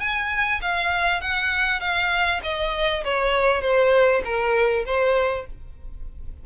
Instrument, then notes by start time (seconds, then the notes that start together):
violin
0.00 G#5
0.61 F5
1.21 F#5
1.80 F5
2.43 D#5
3.04 C#5
3.61 C5
4.25 A#4
4.86 C5